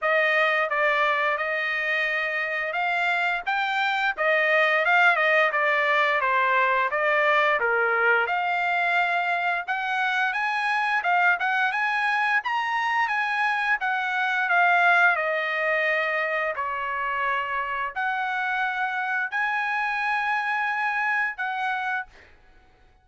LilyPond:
\new Staff \with { instrumentName = "trumpet" } { \time 4/4 \tempo 4 = 87 dis''4 d''4 dis''2 | f''4 g''4 dis''4 f''8 dis''8 | d''4 c''4 d''4 ais'4 | f''2 fis''4 gis''4 |
f''8 fis''8 gis''4 ais''4 gis''4 | fis''4 f''4 dis''2 | cis''2 fis''2 | gis''2. fis''4 | }